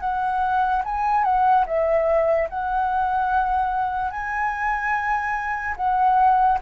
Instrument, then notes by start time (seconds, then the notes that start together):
flute
0.00 F#5
0.84 G#5
1.24 F#5
1.66 E5
2.49 F#5
4.11 G#5
5.76 F#5